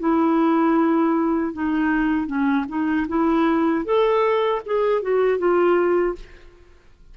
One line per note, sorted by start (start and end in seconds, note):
0.00 1.53 E4
1.53 2.27 D#4
2.27 2.65 C#4
2.69 3.07 D#4
3.08 3.85 E4
3.85 4.62 A4
4.66 5.02 G#4
5.02 5.38 F#4
5.38 6.15 F4